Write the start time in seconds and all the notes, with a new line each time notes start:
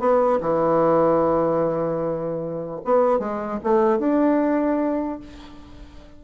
0.00 B3
0.41 E3
2.85 B3
3.20 G#3
3.64 A3
4.00 D4